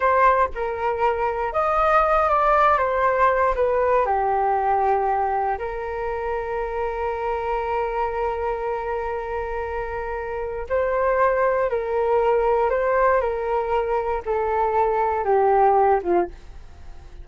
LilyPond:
\new Staff \with { instrumentName = "flute" } { \time 4/4 \tempo 4 = 118 c''4 ais'2 dis''4~ | dis''8 d''4 c''4. b'4 | g'2. ais'4~ | ais'1~ |
ais'1~ | ais'4 c''2 ais'4~ | ais'4 c''4 ais'2 | a'2 g'4. f'8 | }